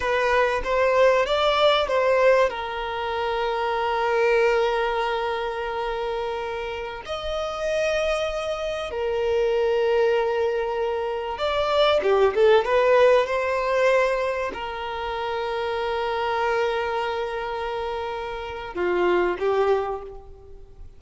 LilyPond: \new Staff \with { instrumentName = "violin" } { \time 4/4 \tempo 4 = 96 b'4 c''4 d''4 c''4 | ais'1~ | ais'2.~ ais'16 dis''8.~ | dis''2~ dis''16 ais'4.~ ais'16~ |
ais'2~ ais'16 d''4 g'8 a'16~ | a'16 b'4 c''2 ais'8.~ | ais'1~ | ais'2 f'4 g'4 | }